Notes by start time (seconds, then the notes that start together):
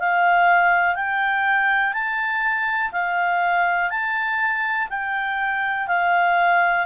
0.00 F5
0.96 G5
1.94 A5
2.92 F5
3.90 A5
4.90 G5
5.88 F5